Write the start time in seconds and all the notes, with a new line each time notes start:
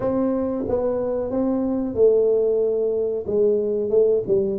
0.00 C4
0.68 B3
1.30 C4
1.94 A3
3.26 G#3
3.90 A3
4.27 G3